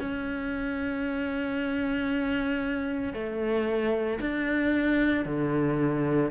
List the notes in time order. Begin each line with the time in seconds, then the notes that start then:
0.00 C#4
3.14 A3
4.20 D4
5.25 D3